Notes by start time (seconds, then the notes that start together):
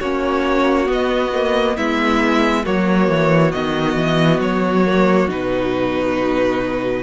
0.00 A#3 C#4 F#4 C#5
0.86 B3
0.92 D#5
1.33 A#3
1.76 G#3 B3 E4 E5
2.64 F#3 A#3 F#4 C#5
3.08 E3
3.52 D#3 B3 D#5
3.96 E3
4.39 F#3 C#5
4.85 A#3
5.28 B2 D#4 B4